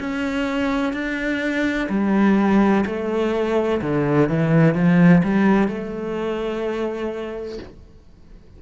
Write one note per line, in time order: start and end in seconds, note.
0.00 0.94 C#4
0.94 1.89 D4
1.90 2.85 G3
2.86 3.81 A3
3.82 4.29 D3
4.29 4.75 E3
4.75 5.23 F3
5.24 5.68 G3
5.68 7.59 A3